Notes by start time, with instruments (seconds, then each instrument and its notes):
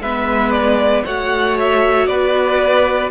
0.00 cello G#3, viola B3, violin B4 E5
0.52 violin D5
1.05 cello A3, viola F#4, violin C#5 F#5
1.60 violin E5
2.07 cello B3, violin B4 D5